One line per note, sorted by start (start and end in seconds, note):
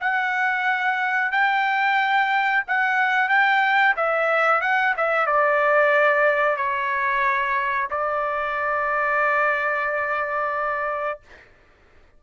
0.00 1.31 F#5
1.31 2.63 G5
2.67 3.28 F#5
3.28 3.94 G5
3.96 4.61 E5
4.61 4.94 F#5
4.97 5.26 E5
5.26 6.56 D5
6.56 7.88 C#5
7.90 11.20 D5